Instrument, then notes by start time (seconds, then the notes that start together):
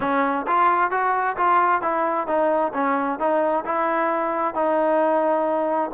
trombone
0.00 C#4
0.47 F4
0.90 F#4
1.36 F4
1.81 E4
2.27 D#4
2.73 C#4
3.19 D#4
3.65 E4
4.54 D#4